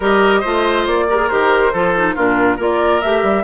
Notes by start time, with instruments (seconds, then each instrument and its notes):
0.00 bassoon G3, clarinet G4, oboe A#4, flute D#5
0.40 bassoon A3, clarinet F4, oboe C5
0.86 bassoon A#3, flute D5
1.09 clarinet G4, oboe A#4
1.16 clarinet G#4
1.28 bassoon D#3, clarinet G4, flute C5
1.72 bassoon F3, clarinet F4, oboe A4
1.96 clarinet D#4
2.14 bassoon A#2, clarinet D4, oboe F4, flute A#4
2.56 bassoon A#3, clarinet F4, oboe A#4
2.62 flute D5
3.01 bassoon A3, clarinet G4, flute E5
3.23 bassoon G3